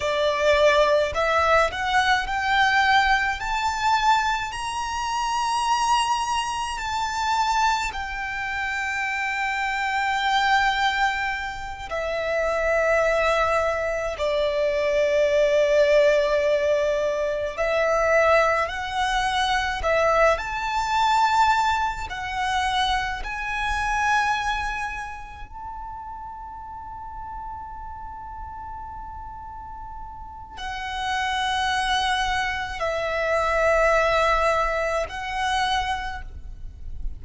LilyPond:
\new Staff \with { instrumentName = "violin" } { \time 4/4 \tempo 4 = 53 d''4 e''8 fis''8 g''4 a''4 | ais''2 a''4 g''4~ | g''2~ g''8 e''4.~ | e''8 d''2. e''8~ |
e''8 fis''4 e''8 a''4. fis''8~ | fis''8 gis''2 a''4.~ | a''2. fis''4~ | fis''4 e''2 fis''4 | }